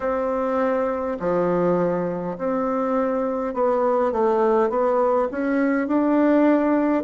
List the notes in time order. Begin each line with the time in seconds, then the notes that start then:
0.00 C4
1.19 F3
2.37 C4
3.53 B3
4.12 A3
4.69 B3
5.31 C#4
5.87 D4